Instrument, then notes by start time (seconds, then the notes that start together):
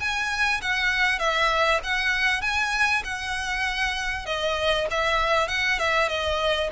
violin
0.00 G#5
0.62 F#5
1.19 E5
1.84 F#5
2.42 G#5
3.04 F#5
4.26 D#5
4.91 E5
5.49 F#5
5.79 E5
6.09 D#5